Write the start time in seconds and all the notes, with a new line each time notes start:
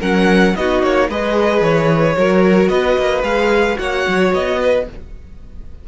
0.00 F#3 C#4 A#4 F#5
0.56 B3 D#4 F#4 D#5
0.83 A#3 C#5
1.08 G#3 G#4 B4 D#5
1.61 E3 C#5
2.17 F#3 F#4 A#4
2.69 B3 B4 D#5
2.98 A#3
3.23 G#3 G#4 F5
3.75 A#3 F#4 C#5 F#5
4.08 F#3
4.34 B3 D#5
4.60 B4